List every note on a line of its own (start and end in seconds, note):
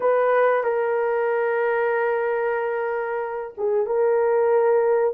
0.00 0.63 B4
0.63 3.54 A#4
3.57 3.86 G#4
3.86 5.14 A#4